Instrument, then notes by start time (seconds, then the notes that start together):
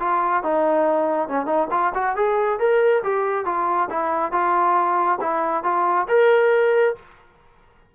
trombone
0.00 F4
0.43 D#4
1.29 C#4
1.46 D#4
1.71 F4
1.95 F#4
2.16 G#4
2.59 A#4
3.04 G4
3.46 F4
3.91 E4
4.32 F4
5.21 E4
5.64 F4
6.09 A#4